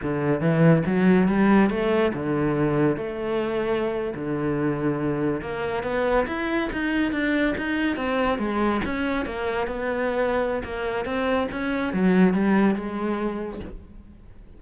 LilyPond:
\new Staff \with { instrumentName = "cello" } { \time 4/4 \tempo 4 = 141 d4 e4 fis4 g4 | a4 d2 a4~ | a4.~ a16 d2~ d16~ | d8. ais4 b4 e'4 dis'16~ |
dis'8. d'4 dis'4 c'4 gis16~ | gis8. cis'4 ais4 b4~ b16~ | b4 ais4 c'4 cis'4 | fis4 g4 gis2 | }